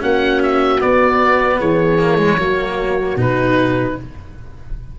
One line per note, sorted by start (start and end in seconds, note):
0.00 0.82 A#3
0.00 0.79 C#4
0.00 1.59 F#4
0.00 0.42 F#5
0.42 0.81 E5
0.80 1.99 B3
0.80 1.60 B3
0.80 1.60 D5
1.59 2.37 E3
1.59 2.37 G#4
1.59 3.18 C#5
1.99 2.18 A#3
2.18 2.37 G#3
2.37 3.15 F#3
2.37 3.17 A#3
2.37 3.95 F#4
3.16 3.95 B2
3.16 3.96 D#4
3.16 3.99 B4